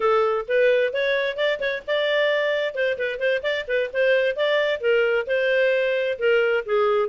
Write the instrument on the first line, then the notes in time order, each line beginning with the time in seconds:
clarinet
0.00 A4
0.48 B4
0.93 C#5
1.36 D5
1.60 C#5
1.87 D5
2.74 C5
2.98 B4
3.19 C5
3.42 D5
3.67 B4
3.93 C5
4.36 D5
4.80 A#4
5.26 C5
6.18 A#4
6.65 G#4